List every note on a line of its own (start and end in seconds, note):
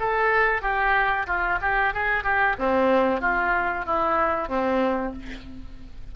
0.00 0.62 A4
0.62 1.27 G4
1.27 1.59 F4
1.62 1.94 G4
1.94 2.24 G#4
2.24 2.56 G4
2.59 3.21 C4
3.21 3.86 F4
3.86 4.49 E4
4.49 5.13 C4